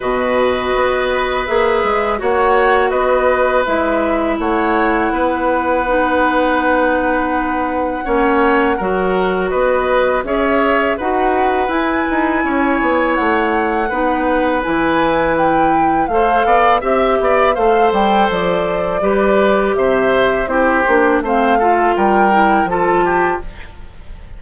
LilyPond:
<<
  \new Staff \with { instrumentName = "flute" } { \time 4/4 \tempo 4 = 82 dis''2 e''4 fis''4 | dis''4 e''4 fis''2~ | fis''1~ | fis''4 dis''4 e''4 fis''4 |
gis''2 fis''2 | gis''4 g''4 f''4 e''4 | f''8 g''8 d''2 e''4 | c''4 f''4 g''4 a''4 | }
  \new Staff \with { instrumentName = "oboe" } { \time 4/4 b'2. cis''4 | b'2 cis''4 b'4~ | b'2. cis''4 | ais'4 b'4 cis''4 b'4~ |
b'4 cis''2 b'4~ | b'2 c''8 d''8 e''8 d''8 | c''2 b'4 c''4 | g'4 c''8 a'8 ais'4 a'8 g'8 | }
  \new Staff \with { instrumentName = "clarinet" } { \time 4/4 fis'2 gis'4 fis'4~ | fis'4 e'2. | dis'2. cis'4 | fis'2 gis'4 fis'4 |
e'2. dis'4 | e'2 a'4 g'4 | a'2 g'2 | e'8 d'8 c'8 f'4 e'8 f'4 | }
  \new Staff \with { instrumentName = "bassoon" } { \time 4/4 b,4 b4 ais8 gis8 ais4 | b4 gis4 a4 b4~ | b2. ais4 | fis4 b4 cis'4 dis'4 |
e'8 dis'8 cis'8 b8 a4 b4 | e2 a8 b8 c'8 b8 | a8 g8 f4 g4 c4 | c'8 ais8 a4 g4 f4 | }
>>